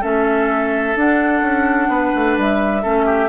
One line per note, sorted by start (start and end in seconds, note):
0.00 0.95 A3
0.00 0.95 C#4
0.00 1.88 A4
0.00 0.97 E5
0.95 1.41 D4
0.95 2.82 D4
0.95 2.39 F#5
1.41 1.88 C#4
1.88 2.11 B3
1.88 2.82 B4
2.14 2.37 A3
2.37 2.84 G3
2.37 3.29 E5
2.82 3.29 A3
2.82 3.29 C#4
2.82 3.05 A4
3.05 3.29 G4